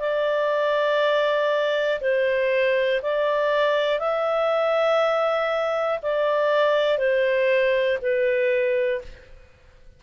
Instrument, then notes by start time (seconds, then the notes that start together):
clarinet
0.00 D5
2.01 C5
3.03 D5
4.00 E5
6.03 D5
6.99 C5
8.02 B4